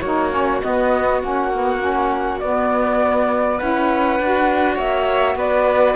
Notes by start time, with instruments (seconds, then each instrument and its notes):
0.00 cello A#3, saxophone D#4, violin F#4, flute C#5
0.31 saxophone C#4
0.62 saxophone B3, cello B3, flute D#5
1.22 cello A#3, saxophone C#4, flute F#5
1.53 saxophone B3
1.79 saxophone C#4
2.39 cello B3, saxophone B3, flute D5
3.56 cello C#4, saxophone E4, violin B4, flute F#5
4.19 cello D4, saxophone F#4
4.75 cello A#3, violin C#5, flute E5
5.35 cello B3, violin B4, flute D5